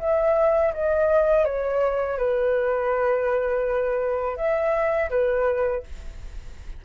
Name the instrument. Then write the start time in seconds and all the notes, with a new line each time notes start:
flute
0.00 E5
0.74 D#5
1.45 C#5
2.18 B4
4.37 E5
5.11 B4